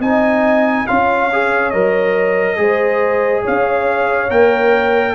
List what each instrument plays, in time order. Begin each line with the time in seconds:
0.00 tuba C4, trombone D#4, horn D#5, trumpet G#5
0.87 tuba C#4, trombone F4, horn C#5, trumpet F5
1.33 trombone G#4
1.71 tuba F#3, trombone A#4, trumpet D#5
2.57 tuba G#3, trombone G#4, horn C5
3.43 tuba C#4, horn C#5, trumpet F5
4.30 tuba A#3, trombone A#4, trumpet G5